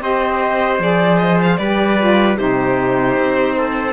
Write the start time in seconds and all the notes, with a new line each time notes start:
0.00 C4 G4 C5 D#5
0.78 F3 G#4 D5
1.18 D#5
1.42 F5
1.57 G3 G4 B4 D5
1.99 F4
2.35 C3 D#4 G4 C5
3.16 C4
3.57 A4